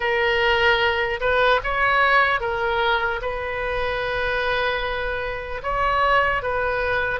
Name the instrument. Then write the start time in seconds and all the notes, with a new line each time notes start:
oboe
0.00 A#4
1.20 B4
1.63 C#5
2.40 A#4
3.21 B4
5.62 C#5
6.42 B4